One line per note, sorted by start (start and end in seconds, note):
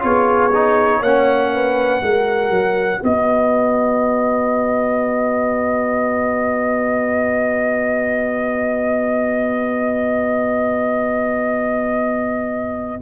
0.00 1.01 B3
0.00 0.50 F4
0.00 1.00 G#4
0.00 1.03 C#5
0.53 1.03 D#4
1.00 2.01 A#3
1.00 2.02 C#4
1.00 1.50 C#5
1.00 3.03 F#5
1.53 2.03 B4
2.02 2.50 G#3
2.02 13.01 F#4
2.02 3.00 A#4
2.50 3.00 F#3
3.00 13.01 B3
3.00 13.00 B4
3.00 13.01 D#5